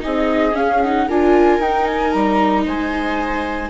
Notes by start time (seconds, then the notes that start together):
0.00 C4 D#4 G#4 D#5
0.53 C#4 F5
0.82 D#4 F#5
1.08 D4 F4 A#4 G#5
1.60 D#4 G5
1.86 G#5
2.12 G3 A#5
2.66 G#3 C5 G#5